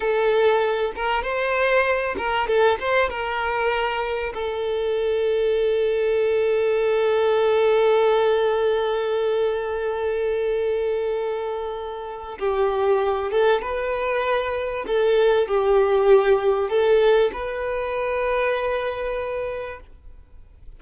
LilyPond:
\new Staff \with { instrumentName = "violin" } { \time 4/4 \tempo 4 = 97 a'4. ais'8 c''4. ais'8 | a'8 c''8 ais'2 a'4~ | a'1~ | a'1~ |
a'1 | g'4. a'8 b'2 | a'4 g'2 a'4 | b'1 | }